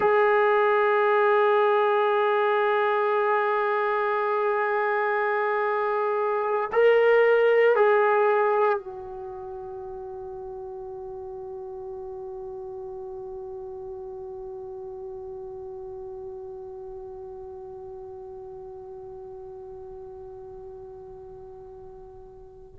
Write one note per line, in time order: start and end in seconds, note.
0.00 6.70 G#4
6.72 7.75 A#4
7.75 8.78 G#4
8.78 22.75 F#4